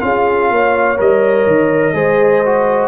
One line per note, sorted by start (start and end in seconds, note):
0.00 0.50 C#4
0.00 0.97 F4
0.00 0.52 G#4
0.00 0.98 F5
0.51 0.99 A#3
0.51 1.94 C#5
0.97 1.46 G3
0.97 1.94 A#4
0.97 2.88 D#5
1.46 1.93 D#3
1.93 2.88 G#3
1.93 2.42 G#4
1.93 2.88 C5
2.45 2.88 F#4